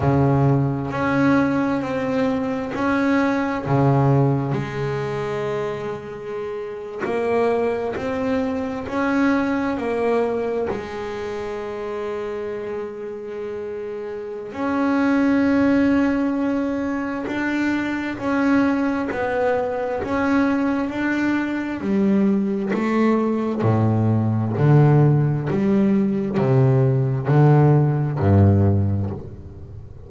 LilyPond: \new Staff \with { instrumentName = "double bass" } { \time 4/4 \tempo 4 = 66 cis4 cis'4 c'4 cis'4 | cis4 gis2~ gis8. ais16~ | ais8. c'4 cis'4 ais4 gis16~ | gis1 |
cis'2. d'4 | cis'4 b4 cis'4 d'4 | g4 a4 a,4 d4 | g4 c4 d4 g,4 | }